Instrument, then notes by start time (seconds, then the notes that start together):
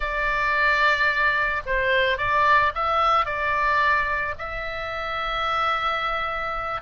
oboe
0.00 D5
1.66 C5
2.17 D5
2.74 E5
3.25 D5
4.38 E5